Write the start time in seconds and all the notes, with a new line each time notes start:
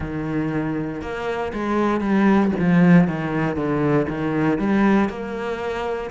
0.00 D#3
1.01 A#3
1.53 G#3
2.00 G3
2.59 F3
3.07 D#3
3.55 D3
4.08 D#3
4.58 G3
5.08 A#3